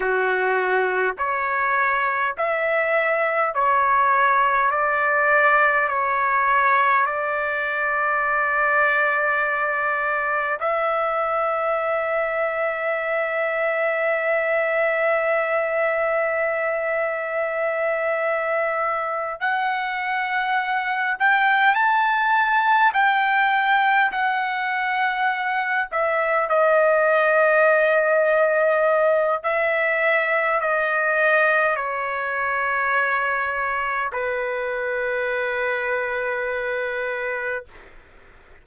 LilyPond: \new Staff \with { instrumentName = "trumpet" } { \time 4/4 \tempo 4 = 51 fis'4 cis''4 e''4 cis''4 | d''4 cis''4 d''2~ | d''4 e''2.~ | e''1~ |
e''8 fis''4. g''8 a''4 g''8~ | g''8 fis''4. e''8 dis''4.~ | dis''4 e''4 dis''4 cis''4~ | cis''4 b'2. | }